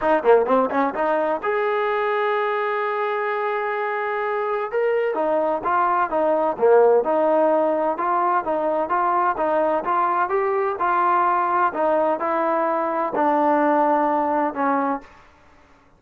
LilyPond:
\new Staff \with { instrumentName = "trombone" } { \time 4/4 \tempo 4 = 128 dis'8 ais8 c'8 cis'8 dis'4 gis'4~ | gis'1~ | gis'2 ais'4 dis'4 | f'4 dis'4 ais4 dis'4~ |
dis'4 f'4 dis'4 f'4 | dis'4 f'4 g'4 f'4~ | f'4 dis'4 e'2 | d'2. cis'4 | }